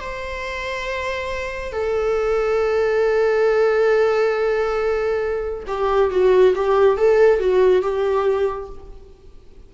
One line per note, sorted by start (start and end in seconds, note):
0.00 1.73 C5
1.73 5.64 A4
5.68 6.11 G4
6.11 6.54 F#4
6.55 6.97 G4
6.97 7.40 A4
7.40 7.82 F#4
7.82 8.69 G4